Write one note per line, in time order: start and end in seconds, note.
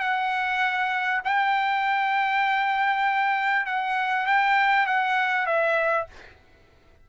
0.00 1.21 F#5
1.24 3.66 G5
3.66 4.26 F#5
4.26 4.86 G5
4.86 5.46 F#5
5.46 6.07 E5